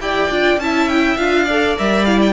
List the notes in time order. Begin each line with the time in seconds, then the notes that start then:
0.00 E4 G4 D5 G5
0.30 D4 F4
0.57 C#4 E4 E5 A5
0.88 G5
1.17 D4 F4 F5
1.44 A4 D5
1.78 G3 A#4 E5
2.05 E4 F5
2.21 G5